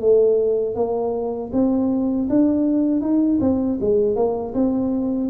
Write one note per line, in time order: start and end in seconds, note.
0.00 0.75 A3
0.75 1.51 A#3
1.53 2.29 C4
2.29 3.01 D4
3.01 3.39 D#4
3.40 3.78 C4
3.80 4.16 G#3
4.16 4.54 A#3
4.54 5.30 C4